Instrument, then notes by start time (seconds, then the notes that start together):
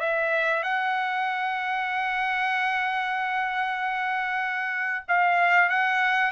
trumpet
0.00 E5
0.63 F#5
5.08 F5
5.70 F#5